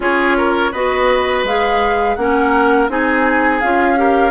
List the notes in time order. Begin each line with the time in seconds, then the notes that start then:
0.00 C#4 F4 G#4 C#5
0.37 A#4
0.71 B3 F#4 B4 D#5
1.43 G#3 G#4 F5
2.15 A#3 C#4 A#4 F#5
2.88 C4 D#4 G#4 G#5
3.60 C#4 F4 F5
3.96 G4 A#4